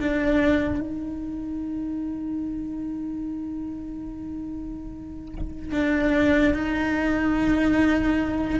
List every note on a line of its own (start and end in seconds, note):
0.00 0.80 D4
0.80 5.72 D#4
5.72 6.54 D4
6.54 8.59 D#4